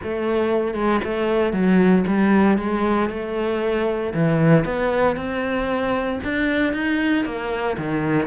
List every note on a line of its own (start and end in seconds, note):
0.03 0.74 A3
0.74 1.00 G#3
1.04 1.52 A3
1.52 2.04 F#3
2.07 2.58 G3
2.58 3.09 G#3
3.09 4.13 A3
4.14 4.65 E3
4.65 5.16 B3
5.16 6.19 C4
6.24 6.73 D4
6.73 7.25 D#4
7.25 7.77 A#3
7.77 8.27 D#3